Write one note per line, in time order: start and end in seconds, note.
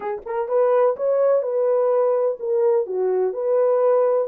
0.00 0.21 G#4
0.25 0.48 A#4
0.48 0.95 B4
0.96 1.42 C#5
1.42 2.37 B4
2.39 2.86 A#4
2.86 3.33 F#4
3.33 4.27 B4